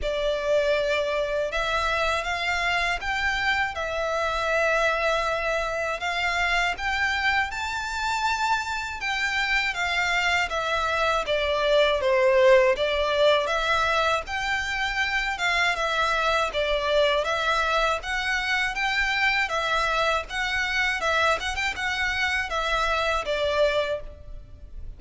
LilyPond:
\new Staff \with { instrumentName = "violin" } { \time 4/4 \tempo 4 = 80 d''2 e''4 f''4 | g''4 e''2. | f''4 g''4 a''2 | g''4 f''4 e''4 d''4 |
c''4 d''4 e''4 g''4~ | g''8 f''8 e''4 d''4 e''4 | fis''4 g''4 e''4 fis''4 | e''8 fis''16 g''16 fis''4 e''4 d''4 | }